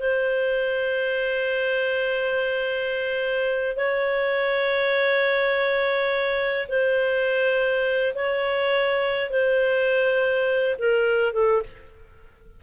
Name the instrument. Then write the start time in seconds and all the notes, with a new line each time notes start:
clarinet
0.00 C5
3.77 C#5
6.69 C5
8.15 C#5
9.31 C5
10.79 A#4
11.34 A4